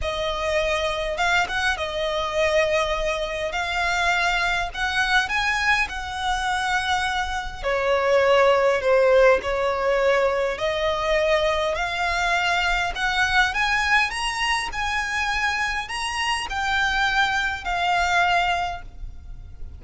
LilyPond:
\new Staff \with { instrumentName = "violin" } { \time 4/4 \tempo 4 = 102 dis''2 f''8 fis''8 dis''4~ | dis''2 f''2 | fis''4 gis''4 fis''2~ | fis''4 cis''2 c''4 |
cis''2 dis''2 | f''2 fis''4 gis''4 | ais''4 gis''2 ais''4 | g''2 f''2 | }